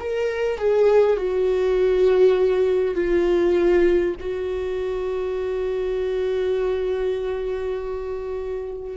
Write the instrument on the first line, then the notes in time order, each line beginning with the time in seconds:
viola
0.00 A#4
0.58 G#4
1.17 F#4
2.95 F4
4.21 F#4